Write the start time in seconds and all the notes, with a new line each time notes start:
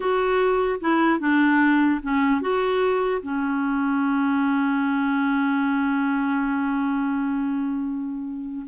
0.00 F#4
0.80 E4
1.19 D4
2.02 C#4
2.41 F#4
3.22 C#4